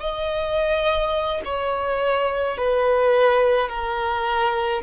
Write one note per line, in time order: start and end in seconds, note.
0.00 1.42 D#5
1.45 2.58 C#5
2.58 3.69 B4
3.69 4.83 A#4